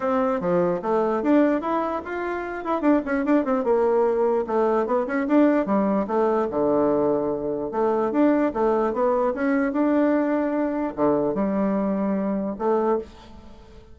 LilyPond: \new Staff \with { instrumentName = "bassoon" } { \time 4/4 \tempo 4 = 148 c'4 f4 a4 d'4 | e'4 f'4. e'8 d'8 cis'8 | d'8 c'8 ais2 a4 | b8 cis'8 d'4 g4 a4 |
d2. a4 | d'4 a4 b4 cis'4 | d'2. d4 | g2. a4 | }